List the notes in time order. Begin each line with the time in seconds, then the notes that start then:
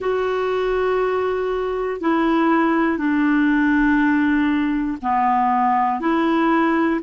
0.00 F#4
2.00 E4
2.97 D4
5.01 B3
6.00 E4